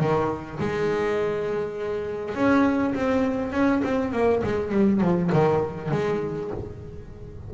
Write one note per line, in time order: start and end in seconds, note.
0.00 0.59 D#3
0.60 2.35 G#3
2.35 2.94 C#4
2.95 3.52 C4
3.52 3.82 C#4
3.84 4.13 C4
4.13 4.42 A#3
4.44 4.72 G#3
4.72 5.01 G3
5.01 5.31 F3
5.33 5.91 D#3
5.91 6.51 G#3